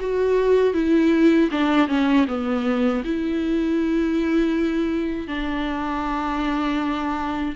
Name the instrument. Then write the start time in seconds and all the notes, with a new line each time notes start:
viola
0.00 F#4
0.74 E4
1.51 D4
1.88 C#4
2.28 B3
3.04 E4
5.28 D4